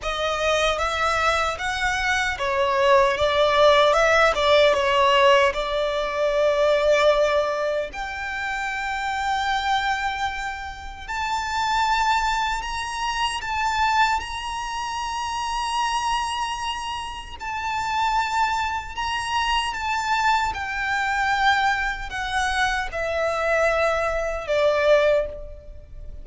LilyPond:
\new Staff \with { instrumentName = "violin" } { \time 4/4 \tempo 4 = 76 dis''4 e''4 fis''4 cis''4 | d''4 e''8 d''8 cis''4 d''4~ | d''2 g''2~ | g''2 a''2 |
ais''4 a''4 ais''2~ | ais''2 a''2 | ais''4 a''4 g''2 | fis''4 e''2 d''4 | }